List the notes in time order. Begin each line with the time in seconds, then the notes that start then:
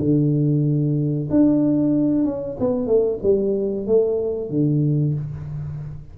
0.00 D3
1.31 D4
2.25 C#4
2.60 B3
2.87 A3
3.23 G3
3.87 A3
4.50 D3